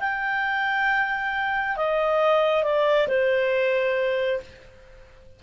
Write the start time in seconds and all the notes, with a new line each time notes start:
0.00 G5
1.76 D#5
2.64 D5
3.08 C5